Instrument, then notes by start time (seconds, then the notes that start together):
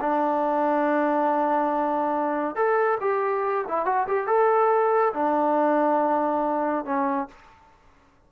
trombone
0.00 D4
2.55 A4
3.00 G4
3.68 E4
3.85 F#4
4.07 G4
4.27 A4
5.13 D4
6.85 C#4